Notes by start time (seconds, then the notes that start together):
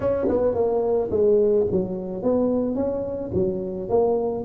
0.00 C#4
0.28 B3
0.54 A#3
1.10 G#3
1.71 F#3
2.22 B3
2.75 C#4
3.34 F#3
3.89 A#3